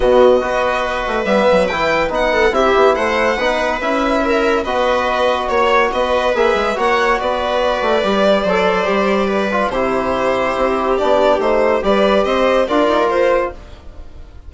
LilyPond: <<
  \new Staff \with { instrumentName = "violin" } { \time 4/4 \tempo 4 = 142 dis''2. e''4 | g''4 fis''4 e''4 fis''4~ | fis''4 e''2 dis''4~ | dis''4 cis''4 dis''4 e''4 |
fis''4 d''2.~ | d''2. c''4~ | c''2 d''4 c''4 | d''4 dis''4 d''4 c''4 | }
  \new Staff \with { instrumentName = "viola" } { \time 4/4 fis'4 b'2.~ | b'4. a'8 g'4 c''4 | b'2 ais'4 b'4~ | b'4 cis''4 b'2 |
cis''4 b'2. | c''2 b'4 g'4~ | g'1 | b'4 c''4 ais'2 | }
  \new Staff \with { instrumentName = "trombone" } { \time 4/4 b4 fis'2 b4 | e'4 dis'4 e'2 | dis'4 e'2 fis'4~ | fis'2. gis'4 |
fis'2. g'4 | a'4 g'4. f'8 e'4~ | e'2 d'4 dis'4 | g'2 f'2 | }
  \new Staff \with { instrumentName = "bassoon" } { \time 4/4 b,4 b4. a8 g8 fis8 | e4 b4 c'8 b8 a4 | b4 cis'2 b4~ | b4 ais4 b4 ais8 gis8 |
ais4 b4. a8 g4 | fis4 g2 c4~ | c4 c'4 b4 a4 | g4 c'4 d'8 dis'8 f'4 | }
>>